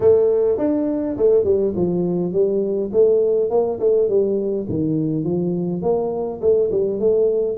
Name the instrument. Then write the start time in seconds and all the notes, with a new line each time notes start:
tuba
0.00 A3
0.58 D4
1.17 A3
1.44 G3
1.76 F3
2.32 G3
2.92 A3
3.50 A#3
3.79 A3
4.08 G3
4.68 D#3
5.23 F3
5.82 A#3
6.41 A3
6.71 G3
6.99 A3